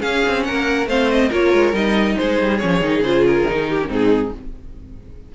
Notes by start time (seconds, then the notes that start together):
0.00 C#4 G#4 F5
0.27 C4
0.44 A#3 A#4 F#5
0.87 A3 C4 C5 F5
1.11 D#5
1.29 A#3 F4 A#4 C#5
1.53 G#3
1.72 G3 D#4 D#5
2.17 G#3 G#4 C5
2.41 G3
2.57 F3 C#4 C#5
2.81 D#3 D#4
3.00 C#3 F4 C5
3.27 A#4
3.47 D#3 D#4
3.69 G4
3.82 C#4
3.88 G#2 C4 D#4 G#4